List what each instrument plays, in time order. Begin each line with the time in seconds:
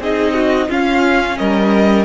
0.00 cello C4, viola D#4, violin G#4 D#5
0.34 violin F#4
0.69 viola C#4, cello C#4, violin F4 F5
1.38 cello G3, violin A#4 D#5